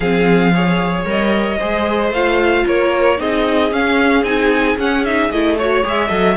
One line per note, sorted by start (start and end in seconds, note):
0.00 1.04 F3
0.00 0.53 C4
0.00 0.52 G#4
0.00 1.03 F5
0.53 1.05 G#4
0.53 1.58 C#5
1.04 1.57 G3
1.04 1.58 A#4
1.04 2.13 D#5
1.58 2.10 G#3
1.58 2.13 G#4
1.58 2.64 C5
2.10 2.63 A3
2.10 3.17 F4
2.10 2.66 F5
2.66 3.19 A#3
2.66 3.19 A#4
2.66 3.20 C#5
3.17 3.71 C4
3.17 3.70 D#4
3.17 5.57 G#4
3.17 3.72 D#5
3.71 4.24 C#4
3.71 4.22 C#4
3.71 4.24 F5
4.22 4.76 C4
4.22 4.77 D#4
4.22 4.77 G#5
4.76 5.29 C#4
4.76 5.04 C#4
4.76 5.05 F#5
5.05 5.32 D#4
5.05 5.31 E5
5.30 5.83 A3
5.30 5.59 E4
5.30 5.57 D#5
5.57 5.83 F#4
5.57 6.07 C#5
5.57 5.85 C#5
5.83 6.10 G#3
5.83 6.09 G#4
5.83 6.36 E5
6.07 6.36 F#3
6.07 6.35 A4
6.07 6.34 D#5